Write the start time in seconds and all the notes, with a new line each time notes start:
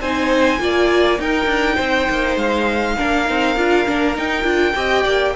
0.00 C4 D#4 C5 G#5
0.59 A#3 F4 D5
1.19 D#4 A#4 G5
1.45 D4
1.75 C4 C5
2.09 A#3
2.36 G#3 F5
2.97 A#3 D4 A#4
3.25 C4 D#4
3.57 D4 F4
3.86 A#3 D4
4.14 D#4 G5
4.43 D4 F4
4.75 C4 G4 D#5
5.03 A#3 D5